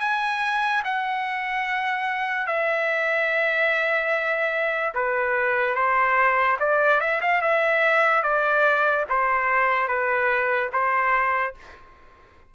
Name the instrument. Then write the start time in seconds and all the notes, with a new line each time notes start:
trumpet
0.00 G#5
0.84 F#5
2.46 E5
4.94 B4
5.75 C5
6.59 D5
7.00 E5
7.21 F5
7.41 E5
8.23 D5
9.09 C5
9.87 B4
10.72 C5